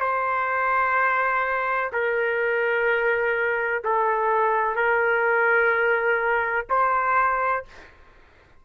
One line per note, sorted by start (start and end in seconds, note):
0.00 1.90 C5
1.92 3.83 A#4
3.84 4.75 A4
4.75 6.66 A#4
6.69 7.65 C5